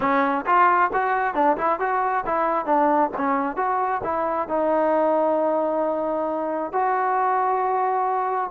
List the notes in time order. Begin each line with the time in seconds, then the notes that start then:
0.00 C#4
0.46 F4
0.93 F#4
1.34 D4
1.57 E4
1.79 F#4
2.26 E4
2.65 D4
3.17 C#4
3.56 F#4
4.03 E4
4.48 D#4
6.72 F#4